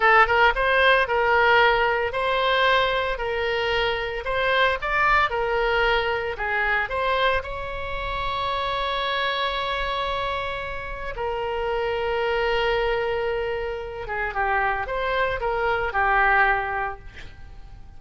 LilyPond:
\new Staff \with { instrumentName = "oboe" } { \time 4/4 \tempo 4 = 113 a'8 ais'8 c''4 ais'2 | c''2 ais'2 | c''4 d''4 ais'2 | gis'4 c''4 cis''2~ |
cis''1~ | cis''4 ais'2.~ | ais'2~ ais'8 gis'8 g'4 | c''4 ais'4 g'2 | }